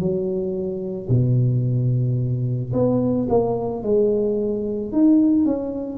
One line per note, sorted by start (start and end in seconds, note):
0.00 1.09 F#3
1.09 2.73 B2
2.73 3.28 B3
3.30 3.83 A#3
3.83 4.92 G#3
4.92 5.46 D#4
5.46 5.98 C#4